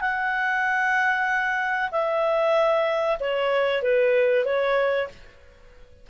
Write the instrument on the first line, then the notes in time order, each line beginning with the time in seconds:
clarinet
0.00 F#5
1.91 E5
3.19 C#5
3.82 B4
4.45 C#5